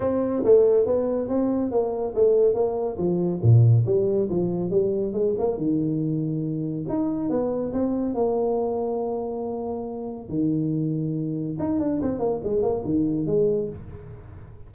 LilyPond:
\new Staff \with { instrumentName = "tuba" } { \time 4/4 \tempo 4 = 140 c'4 a4 b4 c'4 | ais4 a4 ais4 f4 | ais,4 g4 f4 g4 | gis8 ais8 dis2. |
dis'4 b4 c'4 ais4~ | ais1 | dis2. dis'8 d'8 | c'8 ais8 gis8 ais8 dis4 gis4 | }